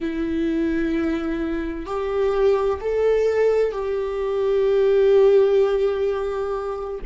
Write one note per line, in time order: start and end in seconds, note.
0.00 1.85 E4
1.85 2.79 G4
2.80 3.72 A4
3.72 7.00 G4